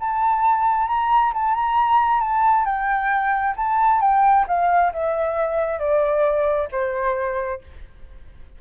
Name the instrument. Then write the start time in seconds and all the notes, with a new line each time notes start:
flute
0.00 A5
0.88 A#5
1.34 A5
1.54 A#5
2.20 A5
2.65 G5
3.56 A5
4.01 G5
4.48 F5
4.93 E5
5.79 D5
6.71 C5